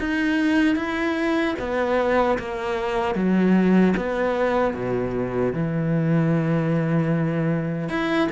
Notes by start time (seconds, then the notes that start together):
0.00 D#4
0.76 E4
1.59 B3
2.39 A#3
3.15 F#3
3.97 B3
4.74 B2
5.53 E3
7.89 E4